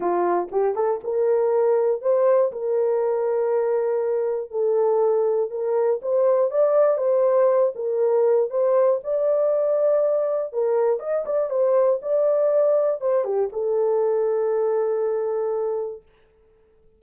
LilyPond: \new Staff \with { instrumentName = "horn" } { \time 4/4 \tempo 4 = 120 f'4 g'8 a'8 ais'2 | c''4 ais'2.~ | ais'4 a'2 ais'4 | c''4 d''4 c''4. ais'8~ |
ais'4 c''4 d''2~ | d''4 ais'4 dis''8 d''8 c''4 | d''2 c''8 g'8 a'4~ | a'1 | }